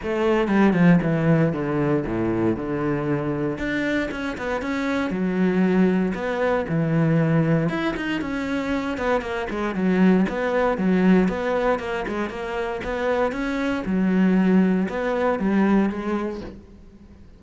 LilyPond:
\new Staff \with { instrumentName = "cello" } { \time 4/4 \tempo 4 = 117 a4 g8 f8 e4 d4 | a,4 d2 d'4 | cis'8 b8 cis'4 fis2 | b4 e2 e'8 dis'8 |
cis'4. b8 ais8 gis8 fis4 | b4 fis4 b4 ais8 gis8 | ais4 b4 cis'4 fis4~ | fis4 b4 g4 gis4 | }